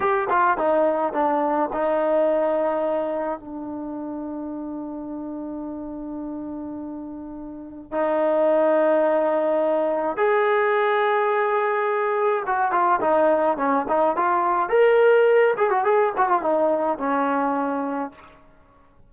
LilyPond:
\new Staff \with { instrumentName = "trombone" } { \time 4/4 \tempo 4 = 106 g'8 f'8 dis'4 d'4 dis'4~ | dis'2 d'2~ | d'1~ | d'2 dis'2~ |
dis'2 gis'2~ | gis'2 fis'8 f'8 dis'4 | cis'8 dis'8 f'4 ais'4. gis'16 fis'16 | gis'8 fis'16 f'16 dis'4 cis'2 | }